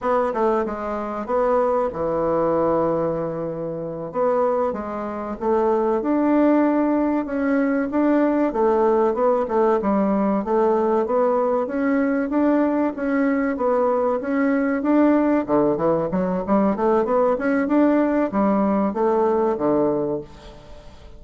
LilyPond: \new Staff \with { instrumentName = "bassoon" } { \time 4/4 \tempo 4 = 95 b8 a8 gis4 b4 e4~ | e2~ e8 b4 gis8~ | gis8 a4 d'2 cis'8~ | cis'8 d'4 a4 b8 a8 g8~ |
g8 a4 b4 cis'4 d'8~ | d'8 cis'4 b4 cis'4 d'8~ | d'8 d8 e8 fis8 g8 a8 b8 cis'8 | d'4 g4 a4 d4 | }